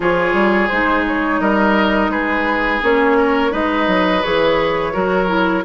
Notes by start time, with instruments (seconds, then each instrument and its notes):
0.00 bassoon F3, clarinet F4, oboe G#4, flute C#5
0.33 bassoon G3
0.68 bassoon G#3, clarinet D#4, flute C5
1.07 flute C#5
1.40 bassoon G3, oboe A#4, flute D#5
2.09 bassoon G#3, oboe G#4, flute B4
2.82 bassoon A#3, clarinet C#4, flute C#5
3.17 oboe A#4
3.50 bassoon G#3, clarinet D#4, oboe B4, flute D#5
3.87 bassoon F#3
4.22 bassoon E3, clarinet G#4, flute C#5
4.92 bassoon F#3, clarinet F#4, oboe A#4
5.27 clarinet E4